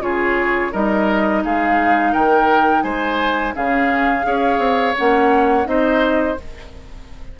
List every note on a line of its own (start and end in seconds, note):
0.00 0.71 C#3
0.00 0.72 F4
0.00 0.72 G#4
0.00 0.73 C#5
0.72 1.45 G3
0.72 3.55 D#4
0.72 1.43 A#4
0.72 1.44 D#5
1.45 2.15 G#3
1.45 2.13 G#4
1.45 2.14 F5
2.13 2.84 D#3
2.13 2.84 A#4
2.13 2.83 G5
2.83 3.54 G#3
2.83 3.55 C5
2.83 3.54 G#5
3.55 4.26 C#3
3.55 4.23 C#4
3.55 4.26 G#4
3.55 4.97 F5
4.23 4.59 C#4
4.23 4.94 G#4
4.23 5.68 C#5
4.59 4.94 C4
4.98 5.67 A#3
4.98 5.65 C#4
4.98 5.67 F#5
5.65 6.38 C4
5.65 6.35 D#4
5.65 6.40 C5
5.65 6.38 D#5